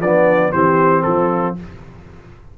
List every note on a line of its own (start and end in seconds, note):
0.00 0.52 F3
0.00 0.53 B3
0.00 0.52 D4
0.00 0.52 D5
0.52 1.05 E3
0.52 1.56 C4
0.52 1.04 G4
0.52 1.03 C5
1.03 1.58 F3
1.03 1.57 F4
1.03 1.54 A4